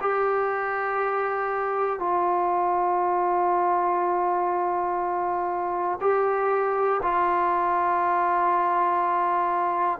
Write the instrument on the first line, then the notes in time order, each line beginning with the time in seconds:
trombone
0.00 G4
1.99 F4
6.00 G4
7.02 F4